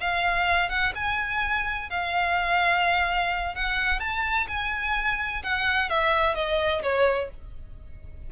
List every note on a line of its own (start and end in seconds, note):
0.00 0.69 F5
0.69 0.93 F#5
0.95 1.89 G#5
1.90 3.55 F5
3.55 3.99 F#5
3.99 4.47 A5
4.48 5.42 G#5
5.43 5.89 F#5
5.89 6.35 E5
6.35 6.82 D#5
6.82 7.29 C#5